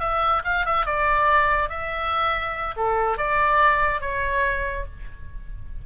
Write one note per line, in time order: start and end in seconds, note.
0.00 0.42 E5
0.44 0.65 F5
0.65 0.85 E5
0.85 1.69 D5
1.69 2.74 E5
2.76 3.17 A4
3.17 4.00 D5
4.00 4.85 C#5